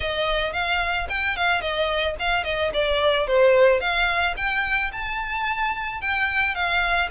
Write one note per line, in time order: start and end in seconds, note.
0.00 0.53 D#5
0.53 1.07 F5
1.09 1.36 G5
1.36 1.61 F5
1.61 2.15 D#5
2.19 2.44 F5
2.44 2.71 D#5
2.73 3.27 D5
3.27 3.80 C5
3.80 4.35 F5
4.36 4.91 G5
4.92 6.01 A5
6.01 6.54 G5
6.54 7.09 F5